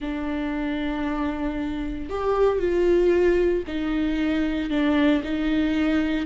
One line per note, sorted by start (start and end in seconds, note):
0.00 2.09 D4
2.09 2.59 G4
2.59 3.63 F4
3.67 4.70 D#4
4.70 5.22 D4
5.23 6.25 D#4